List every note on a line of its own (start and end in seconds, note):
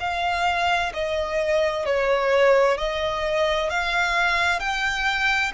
0.00 0.92 F5
0.93 1.85 D#5
1.85 2.77 C#5
2.77 3.70 D#5
3.70 4.59 F5
4.59 5.52 G5